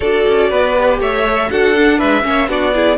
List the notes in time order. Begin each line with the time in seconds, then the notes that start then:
0.00 D4 F#4 A4 D5
0.26 C#4
0.49 B3 B4
0.75 G4
0.99 A3 C#5 E5
1.25 A4
1.49 D4 F#4 A4 F#5
1.76 D4
1.97 G#3 B4 E5
2.22 A#3 C#4 C#5
2.48 B3 D4 F#4 D5
2.73 E4 G#4